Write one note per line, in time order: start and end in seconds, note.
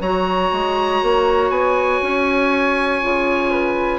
0.00 0.50 F#3
0.00 3.02 F#4
0.00 3.50 C#5
0.00 1.51 A#5
0.51 1.01 G#3
1.02 1.50 A#3
1.50 2.00 B3
1.50 3.99 G#5
2.02 3.02 C#4
3.02 3.99 C#3
3.02 3.99 F4
3.50 3.99 B4